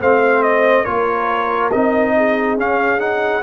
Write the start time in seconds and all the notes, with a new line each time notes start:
0.00 A3 C4 C5 F5
0.43 D#5
0.84 A#3 F4 A#4 C#5
1.72 C4 D#4 D#5
2.17 G#4
2.58 C#4 F5
2.99 D#4 F#5